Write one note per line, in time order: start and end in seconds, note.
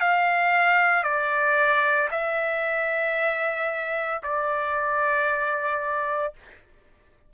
0.00 1.03 F5
1.03 2.09 D5
2.11 4.21 E5
4.23 6.33 D5